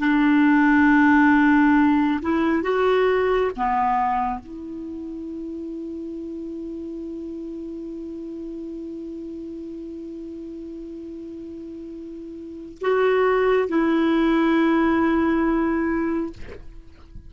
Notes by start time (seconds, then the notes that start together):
0.00 D4
2.23 E4
2.63 F#4
3.57 B3
4.40 E4
12.82 F#4
13.69 E4